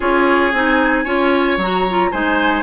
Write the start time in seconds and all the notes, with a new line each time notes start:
0.00 C#4 F4 G#4 C#5
0.52 C4 D#4 G#5
1.04 C#4 F4 C#5
1.57 F#3 F#4 A#5
1.89 F4
2.11 G#3 D#4 C5 G#5